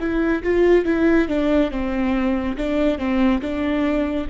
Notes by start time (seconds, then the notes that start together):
0.00 E4
0.43 F4
0.85 E4
1.29 D4
1.71 C4
2.57 D4
2.98 C4
3.42 D4